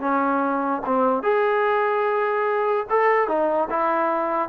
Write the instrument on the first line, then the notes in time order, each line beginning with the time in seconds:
trombone
0.00 C#4
0.86 C4
1.23 G#4
2.89 A4
3.28 D#4
3.70 E4